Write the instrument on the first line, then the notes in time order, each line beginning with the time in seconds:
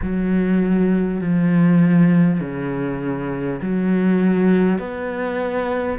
cello
0.02 F#3
1.21 F3
2.40 C#3
3.61 F#3
4.78 B3